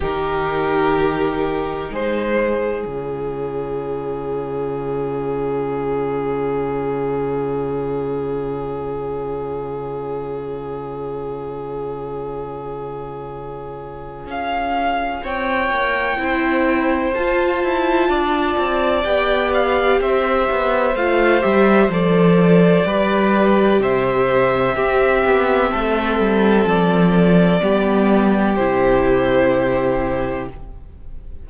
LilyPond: <<
  \new Staff \with { instrumentName = "violin" } { \time 4/4 \tempo 4 = 63 ais'2 c''4 cis''4~ | cis''1~ | cis''1~ | cis''2. f''4 |
g''2 a''2 | g''8 f''8 e''4 f''8 e''8 d''4~ | d''4 e''2. | d''2 c''2 | }
  \new Staff \with { instrumentName = "violin" } { \time 4/4 g'2 gis'2~ | gis'1~ | gis'1~ | gis'1 |
cis''4 c''2 d''4~ | d''4 c''2. | b'4 c''4 g'4 a'4~ | a'4 g'2. | }
  \new Staff \with { instrumentName = "viola" } { \time 4/4 dis'2. f'4~ | f'1~ | f'1~ | f'1~ |
f'4 e'4 f'2 | g'2 f'8 g'8 a'4 | g'2 c'2~ | c'4 b4 e'2 | }
  \new Staff \with { instrumentName = "cello" } { \time 4/4 dis2 gis4 cis4~ | cis1~ | cis1~ | cis2. cis'4 |
c'8 ais8 c'4 f'8 e'8 d'8 c'8 | b4 c'8 b8 a8 g8 f4 | g4 c4 c'8 b8 a8 g8 | f4 g4 c2 | }
>>